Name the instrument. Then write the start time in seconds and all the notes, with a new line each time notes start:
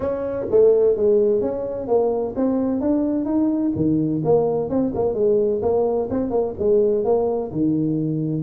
tuba
0.00 C#4
0.50 A3
0.96 G#3
1.41 C#4
1.87 A#3
2.36 C4
2.80 D4
3.25 D#4
3.75 D#3
4.24 A#3
4.69 C4
4.94 A#3
5.14 G#3
5.61 A#3
6.10 C4
6.30 A#3
6.58 G#3
7.04 A#3
7.51 D#3